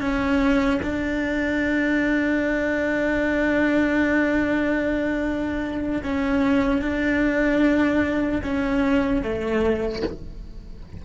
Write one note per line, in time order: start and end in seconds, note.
0.00 0.80 C#4
0.82 6.02 D4
6.03 6.81 C#4
6.81 8.41 D4
8.43 9.22 C#4
9.22 10.02 A3